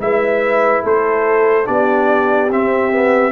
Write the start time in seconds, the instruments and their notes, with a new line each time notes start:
0.00 tuba G#3, trombone E4, horn B4, trumpet E5
0.84 tuba A3, horn A4, trumpet C5
1.65 tuba B3, trombone D4, horn G4, trumpet D5
2.51 tuba C4, trombone C4, trumpet E5
2.92 trombone B3